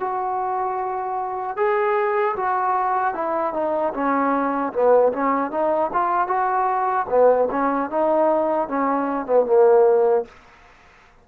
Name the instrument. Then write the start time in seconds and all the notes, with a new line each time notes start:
trombone
0.00 F#4
1.57 G#4
2.36 F#4
3.14 E4
3.53 D#4
3.94 C#4
4.73 B3
5.13 C#4
5.51 D#4
5.94 F4
6.28 F#4
7.09 B3
7.51 C#4
7.90 D#4
8.68 C#4
9.26 B3
9.46 A#3